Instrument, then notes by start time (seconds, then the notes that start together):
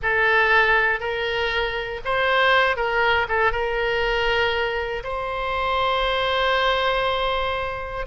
oboe
0.02 A4
0.99 A#4
2.04 C5
2.76 A#4
3.28 A4
3.52 A#4
5.03 C5